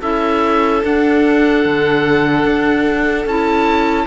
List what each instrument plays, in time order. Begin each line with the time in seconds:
0.00 cello C#4, clarinet E4, violin A4, oboe E5
0.81 clarinet D4, cello D4, oboe F#5
1.65 cello D3
2.44 cello D4
3.25 cello C#4, clarinet E4, oboe A5